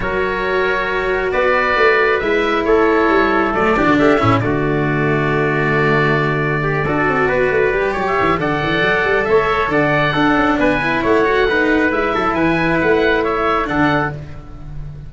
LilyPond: <<
  \new Staff \with { instrumentName = "oboe" } { \time 4/4 \tempo 4 = 136 cis''2. d''4~ | d''4 e''4 cis''2 | d''4 e''4 d''2~ | d''1~ |
d''2~ d''16 e''8. fis''4~ | fis''4 e''4 fis''2 | gis''4 fis''2 e''4 | gis''4 fis''4 e''4 fis''4 | }
  \new Staff \with { instrumentName = "trumpet" } { \time 4/4 ais'2. b'4~ | b'2 a'2~ | a'8 g'16 fis'16 g'8 e'8 fis'2~ | fis'2. g'8 a'8~ |
a'8 b'4. cis''4 d''4~ | d''4 cis''4 d''4 a'4 | b'4 cis''4 b'4. a'8 | b'2 cis''4 a'4 | }
  \new Staff \with { instrumentName = "cello" } { \time 4/4 fis'1~ | fis'4 e'2. | a8 d'4 cis'8 a2~ | a2.~ a8 fis'8~ |
fis'4. g'4. a'4~ | a'2. d'4~ | d'8 e'4 fis'8 dis'4 e'4~ | e'2. d'4 | }
  \new Staff \with { instrumentName = "tuba" } { \time 4/4 fis2. b4 | a4 gis4 a4 g4 | fis8 e16 d16 a8 a,8 d2~ | d2.~ d8 d'8 |
c'8 b8 a8 g8 fis8 e8 d8 e8 | fis8 g8 a4 d4 d'8 cis'8 | b4 a2 gis8 fis8 | e4 a2 d4 | }
>>